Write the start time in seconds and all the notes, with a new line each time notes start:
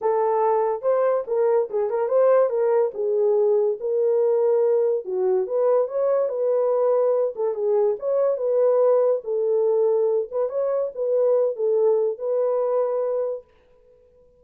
0.01 A4
0.82 C5
1.27 A#4
1.70 G#4
1.90 A#4
2.08 C5
2.49 A#4
2.94 G#4
3.80 A#4
5.04 F#4
5.46 B4
5.87 C#5
6.29 B4
7.35 A4
7.54 G#4
7.99 C#5
8.37 B4
9.24 A4
10.31 B4
10.49 C#5
10.94 B4
11.56 A4
12.18 B4